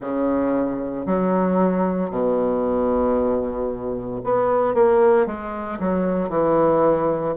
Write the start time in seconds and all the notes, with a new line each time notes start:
0.00 C#3
1.05 F#3
2.10 B2
4.23 B3
4.74 A#3
5.26 G#3
5.79 F#3
6.29 E3